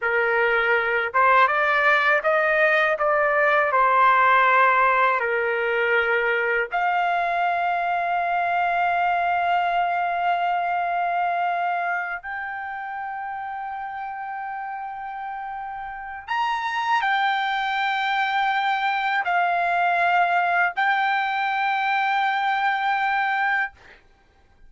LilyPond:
\new Staff \with { instrumentName = "trumpet" } { \time 4/4 \tempo 4 = 81 ais'4. c''8 d''4 dis''4 | d''4 c''2 ais'4~ | ais'4 f''2.~ | f''1~ |
f''8 g''2.~ g''8~ | g''2 ais''4 g''4~ | g''2 f''2 | g''1 | }